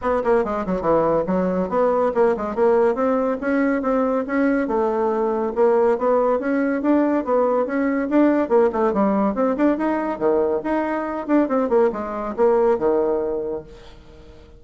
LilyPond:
\new Staff \with { instrumentName = "bassoon" } { \time 4/4 \tempo 4 = 141 b8 ais8 gis8 fis8 e4 fis4 | b4 ais8 gis8 ais4 c'4 | cis'4 c'4 cis'4 a4~ | a4 ais4 b4 cis'4 |
d'4 b4 cis'4 d'4 | ais8 a8 g4 c'8 d'8 dis'4 | dis4 dis'4. d'8 c'8 ais8 | gis4 ais4 dis2 | }